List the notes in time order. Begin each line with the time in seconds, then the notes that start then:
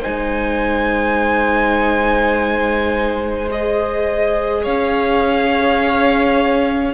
0.00 D#4 C5 G#5
0.06 G#3
3.51 G#4 D#5
4.63 C#4 C#5 F5